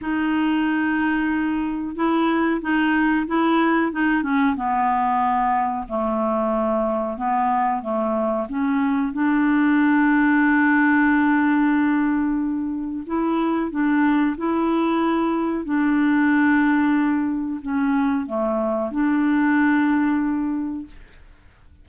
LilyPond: \new Staff \with { instrumentName = "clarinet" } { \time 4/4 \tempo 4 = 92 dis'2. e'4 | dis'4 e'4 dis'8 cis'8 b4~ | b4 a2 b4 | a4 cis'4 d'2~ |
d'1 | e'4 d'4 e'2 | d'2. cis'4 | a4 d'2. | }